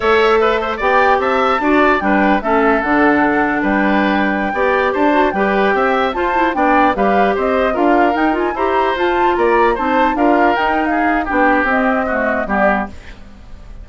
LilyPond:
<<
  \new Staff \with { instrumentName = "flute" } { \time 4/4 \tempo 4 = 149 e''2 g''4 a''4~ | a''4 g''4 e''4 fis''4~ | fis''4 g''2.~ | g''16 a''4 g''2 a''8.~ |
a''16 g''4 f''4 dis''4 f''8.~ | f''16 g''8 gis''8 ais''4 a''4 ais''8.~ | ais''16 a''4 f''4 g''8. f''4 | g''4 dis''2 d''4 | }
  \new Staff \with { instrumentName = "oboe" } { \time 4/4 cis''4 b'8 c''8 d''4 e''4 | d''4 b'4 a'2~ | a'4 b'2~ b'16 d''8.~ | d''16 c''4 b'4 e''4 c''8.~ |
c''16 d''4 b'4 c''4 ais'8.~ | ais'4~ ais'16 c''2 d''8.~ | d''16 c''4 ais'4.~ ais'16 gis'4 | g'2 fis'4 g'4 | }
  \new Staff \with { instrumentName = "clarinet" } { \time 4/4 a'2 g'2 | fis'4 d'4 cis'4 d'4~ | d'2.~ d'16 g'8.~ | g'8. fis'8 g'2 f'8 e'16~ |
e'16 d'4 g'2 f'8.~ | f'16 dis'8 f'8 g'4 f'4.~ f'16~ | f'16 dis'4 f'4 dis'4.~ dis'16 | d'4 c'4 a4 b4 | }
  \new Staff \with { instrumentName = "bassoon" } { \time 4/4 a2 b4 c'4 | d'4 g4 a4 d4~ | d4 g2~ g16 b8.~ | b16 d'4 g4 c'4 f'8.~ |
f'16 b4 g4 c'4 d'8.~ | d'16 dis'4 e'4 f'4 ais8.~ | ais16 c'4 d'4 dis'4.~ dis'16 | b4 c'2 g4 | }
>>